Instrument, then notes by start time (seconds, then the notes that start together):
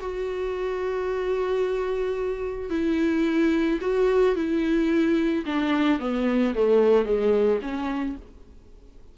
viola
0.00 F#4
2.70 E4
3.81 F#4
4.35 E4
5.45 D4
5.99 B3
6.55 A3
7.05 G#3
7.62 C#4